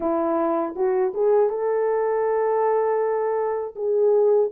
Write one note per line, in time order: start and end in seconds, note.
0.00 0.75 E4
0.75 1.12 F#4
1.14 1.49 G#4
1.49 3.74 A4
3.75 4.50 G#4